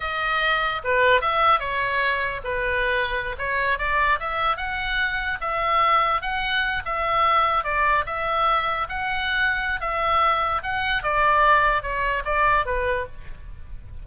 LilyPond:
\new Staff \with { instrumentName = "oboe" } { \time 4/4 \tempo 4 = 147 dis''2 b'4 e''4 | cis''2 b'2~ | b'16 cis''4 d''4 e''4 fis''8.~ | fis''4~ fis''16 e''2 fis''8.~ |
fis''8. e''2 d''4 e''16~ | e''4.~ e''16 fis''2~ fis''16 | e''2 fis''4 d''4~ | d''4 cis''4 d''4 b'4 | }